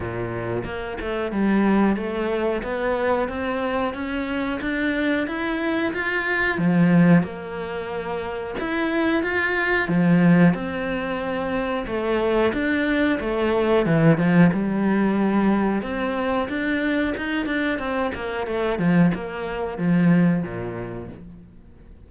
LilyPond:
\new Staff \with { instrumentName = "cello" } { \time 4/4 \tempo 4 = 91 ais,4 ais8 a8 g4 a4 | b4 c'4 cis'4 d'4 | e'4 f'4 f4 ais4~ | ais4 e'4 f'4 f4 |
c'2 a4 d'4 | a4 e8 f8 g2 | c'4 d'4 dis'8 d'8 c'8 ais8 | a8 f8 ais4 f4 ais,4 | }